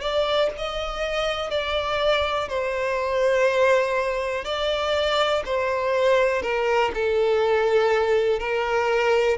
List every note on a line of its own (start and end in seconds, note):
0.00 0.49 D5
0.57 1.50 D#5
1.50 2.48 D5
2.48 4.44 C5
4.44 5.42 D5
5.45 6.42 C5
6.42 6.91 A#4
6.94 8.39 A4
8.39 9.37 A#4